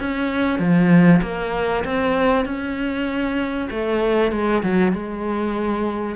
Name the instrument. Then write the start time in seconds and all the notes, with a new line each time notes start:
cello
0.00 C#4
0.59 F3
1.22 A#3
1.85 C4
2.45 C#4
3.71 A3
4.32 G#3
4.63 F#3
4.93 G#3